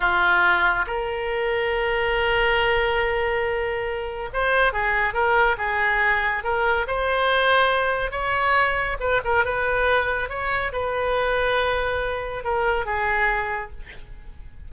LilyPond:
\new Staff \with { instrumentName = "oboe" } { \time 4/4 \tempo 4 = 140 f'2 ais'2~ | ais'1~ | ais'2 c''4 gis'4 | ais'4 gis'2 ais'4 |
c''2. cis''4~ | cis''4 b'8 ais'8 b'2 | cis''4 b'2.~ | b'4 ais'4 gis'2 | }